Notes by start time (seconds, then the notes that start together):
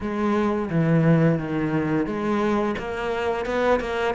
0.00 G#3
0.70 E3
1.38 D#3
2.06 G#3
2.78 A#3
3.45 B3
3.80 A#3